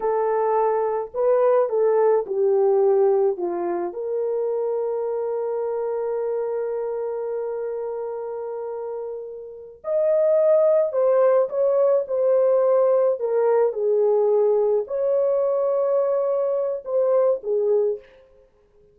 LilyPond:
\new Staff \with { instrumentName = "horn" } { \time 4/4 \tempo 4 = 107 a'2 b'4 a'4 | g'2 f'4 ais'4~ | ais'1~ | ais'1~ |
ais'4. dis''2 c''8~ | c''8 cis''4 c''2 ais'8~ | ais'8 gis'2 cis''4.~ | cis''2 c''4 gis'4 | }